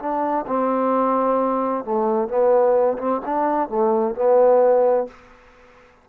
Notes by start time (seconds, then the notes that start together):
0.00 D4
0.47 C4
1.85 A3
2.29 B3
2.99 C4
3.26 D4
3.69 A3
4.15 B3